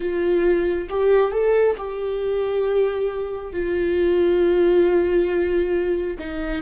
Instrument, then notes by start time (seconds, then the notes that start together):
viola
0.00 F4
0.89 G4
1.31 A4
1.77 G4
3.53 F4
6.18 D#4